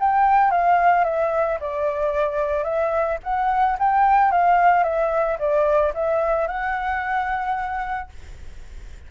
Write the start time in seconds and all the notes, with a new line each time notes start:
0.00 G5
0.51 F5
1.05 E5
1.61 D5
2.64 E5
3.24 F#5
3.79 G5
4.32 F5
4.84 E5
5.39 D5
5.95 E5
6.48 F#5